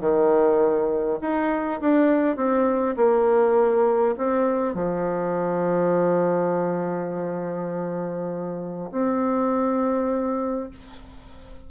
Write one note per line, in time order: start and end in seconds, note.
0.00 1.19 D#3
1.21 1.80 D#4
1.81 2.36 D4
2.36 2.95 C4
2.96 4.15 A#3
4.18 4.74 C4
4.74 8.90 F3
8.92 10.70 C4